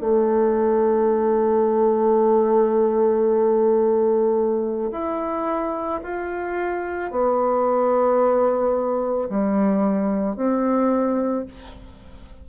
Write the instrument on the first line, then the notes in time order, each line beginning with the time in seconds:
bassoon
0.00 A3
4.91 E4
6.03 F4
7.11 B3
9.29 G3
10.36 C4